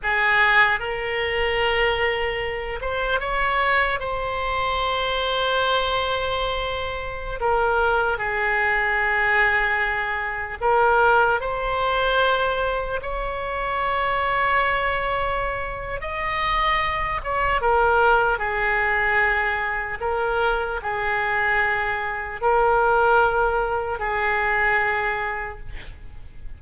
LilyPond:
\new Staff \with { instrumentName = "oboe" } { \time 4/4 \tempo 4 = 75 gis'4 ais'2~ ais'8 c''8 | cis''4 c''2.~ | c''4~ c''16 ais'4 gis'4.~ gis'16~ | gis'4~ gis'16 ais'4 c''4.~ c''16~ |
c''16 cis''2.~ cis''8. | dis''4. cis''8 ais'4 gis'4~ | gis'4 ais'4 gis'2 | ais'2 gis'2 | }